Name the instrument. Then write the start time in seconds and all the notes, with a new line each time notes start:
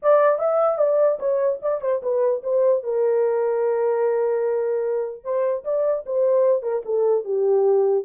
horn
0.02 D5
0.38 E5
0.78 D5
1.19 C#5
1.62 D5
1.81 C5
2.02 B4
2.43 C5
2.83 A#4
5.23 C5
5.64 D5
6.06 C5
6.62 A#4
6.85 A4
7.24 G4